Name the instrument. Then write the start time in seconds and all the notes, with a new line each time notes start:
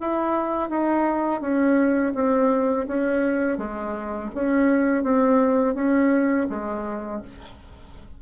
bassoon
0.00 E4
0.70 D#4
1.41 C#4
2.15 C4
2.87 C#4
3.58 G#3
4.34 C#4
5.03 C4
5.74 C#4
6.49 G#3